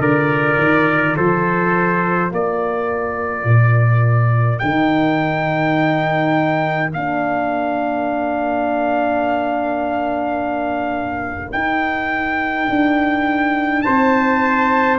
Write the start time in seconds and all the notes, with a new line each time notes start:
0.00 D3 F4 A#4 D5
0.58 D#3
1.17 F3 A4 C5
2.31 A#3 A#4 D5
3.45 A#2
4.59 D#3 D#4 G5
6.94 A#3 D4 F5
11.53 D#4 G5
12.70 D4
13.82 C4 C5 A5